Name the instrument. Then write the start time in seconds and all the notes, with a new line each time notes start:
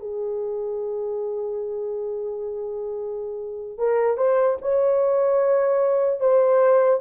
horn
0.00 G#4
3.78 A#4
4.17 C5
4.62 C#5
6.20 C5